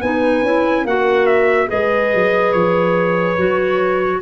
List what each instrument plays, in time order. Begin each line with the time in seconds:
0.00 tuba B3, clarinet D#4, horn B4, trumpet G#5
0.42 tuba C#4, clarinet E4
0.84 tuba A#3, clarinet F#4, horn A#4, trumpet F#5
1.26 trumpet E5
1.67 tuba G#3, clarinet G#4, horn B4, trumpet D#5
2.14 tuba F#3
2.52 tuba F3, trumpet C#5
3.37 tuba F#3, clarinet F#4